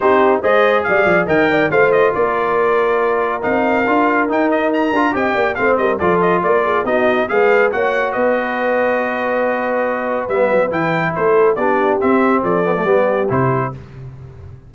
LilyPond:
<<
  \new Staff \with { instrumentName = "trumpet" } { \time 4/4 \tempo 4 = 140 c''4 dis''4 f''4 g''4 | f''8 dis''8 d''2. | f''2 g''8 dis''8 ais''4 | g''4 f''8 dis''8 d''8 dis''8 d''4 |
dis''4 f''4 fis''4 dis''4~ | dis''1 | e''4 g''4 c''4 d''4 | e''4 d''2 c''4 | }
  \new Staff \with { instrumentName = "horn" } { \time 4/4 g'4 c''4 d''4 dis''8 d''8 | c''4 ais'2.~ | ais'1 | dis''8 d''8 c''8 ais'8 a'4 ais'8 gis'8 |
fis'4 b'4 cis''4 b'4~ | b'1~ | b'2 a'4 g'4~ | g'4 a'4 g'2 | }
  \new Staff \with { instrumentName = "trombone" } { \time 4/4 dis'4 gis'2 ais'4 | f'1 | dis'4 f'4 dis'4. f'8 | g'4 c'4 f'2 |
dis'4 gis'4 fis'2~ | fis'1 | b4 e'2 d'4 | c'4. b16 a16 b4 e'4 | }
  \new Staff \with { instrumentName = "tuba" } { \time 4/4 c'4 gis4 g8 f8 dis4 | a4 ais2. | c'4 d'4 dis'4. d'8 | c'8 ais8 a8 g8 f4 ais4 |
b4 gis4 ais4 b4~ | b1 | g8 fis8 e4 a4 b4 | c'4 f4 g4 c4 | }
>>